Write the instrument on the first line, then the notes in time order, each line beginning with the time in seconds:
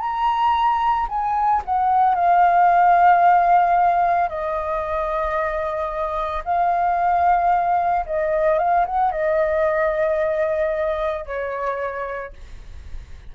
flute
0.00 A#5
1.09 G#5
1.65 F#5
2.15 F5
4.29 D#5
6.45 F5
8.06 D#5
8.59 F5
8.86 F#5
9.12 D#5
11.26 C#5